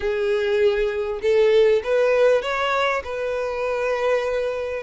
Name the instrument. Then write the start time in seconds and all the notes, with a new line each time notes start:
violin
0.00 G#4
1.21 A4
1.83 B4
2.41 C#5
3.03 B4